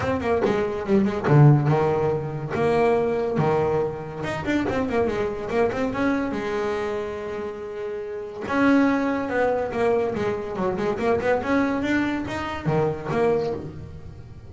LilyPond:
\new Staff \with { instrumentName = "double bass" } { \time 4/4 \tempo 4 = 142 c'8 ais8 gis4 g8 gis8 d4 | dis2 ais2 | dis2 dis'8 d'8 c'8 ais8 | gis4 ais8 c'8 cis'4 gis4~ |
gis1 | cis'2 b4 ais4 | gis4 fis8 gis8 ais8 b8 cis'4 | d'4 dis'4 dis4 ais4 | }